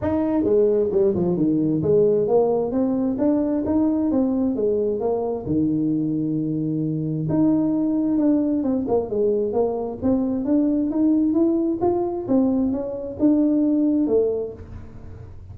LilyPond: \new Staff \with { instrumentName = "tuba" } { \time 4/4 \tempo 4 = 132 dis'4 gis4 g8 f8 dis4 | gis4 ais4 c'4 d'4 | dis'4 c'4 gis4 ais4 | dis1 |
dis'2 d'4 c'8 ais8 | gis4 ais4 c'4 d'4 | dis'4 e'4 f'4 c'4 | cis'4 d'2 a4 | }